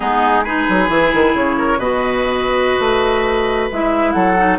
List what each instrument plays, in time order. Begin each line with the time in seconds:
0.00 bassoon G#3, clarinet B3, oboe D#4, flute G#4
0.44 clarinet D#4, oboe G#4, flute B4
0.69 bassoon F#3
0.88 bassoon E3, clarinet E4
1.14 bassoon D#3
1.34 bassoon C#3, flute C#5
1.57 oboe A#4
1.77 bassoon B2, clarinet F#4, oboe B4, flute D#5
2.79 bassoon A3
3.71 bassoon G#3, clarinet E4, flute E5
4.12 bassoon F#3, oboe A4, flute F#5
4.37 clarinet D#4